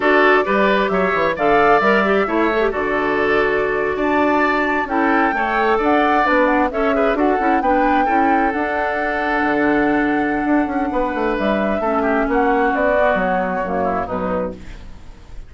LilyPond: <<
  \new Staff \with { instrumentName = "flute" } { \time 4/4 \tempo 4 = 132 d''2 e''4 f''4 | e''2 d''2~ | d''8. a''2 g''4~ g''16~ | g''8. fis''4 b'8 fis''8 e''4 fis''16~ |
fis''8. g''2 fis''4~ fis''16~ | fis''1~ | fis''4 e''2 fis''4 | d''4 cis''2 b'4 | }
  \new Staff \with { instrumentName = "oboe" } { \time 4/4 a'4 b'4 cis''4 d''4~ | d''4 cis''4 a'2~ | a'8. d''2 a'4 cis''16~ | cis''8. d''2 cis''8 b'8 a'16~ |
a'8. b'4 a'2~ a'16~ | a'1 | b'2 a'8 g'8 fis'4~ | fis'2~ fis'8 e'8 dis'4 | }
  \new Staff \with { instrumentName = "clarinet" } { \time 4/4 fis'4 g'2 a'4 | ais'8 g'8 e'8 a'16 g'16 fis'2~ | fis'2~ fis'8. e'4 a'16~ | a'4.~ a'16 d'4 a'8 gis'8 fis'16~ |
fis'16 e'8 d'4 e'4 d'4~ d'16~ | d'1~ | d'2 cis'2~ | cis'8 b4. ais4 fis4 | }
  \new Staff \with { instrumentName = "bassoon" } { \time 4/4 d'4 g4 fis8 e8 d4 | g4 a4 d2~ | d8. d'2 cis'4 a16~ | a8. d'4 b4 cis'4 d'16~ |
d'16 cis'8 b4 cis'4 d'4~ d'16~ | d'8. d2~ d16 d'8 cis'8 | b8 a8 g4 a4 ais4 | b4 fis4 fis,4 b,4 | }
>>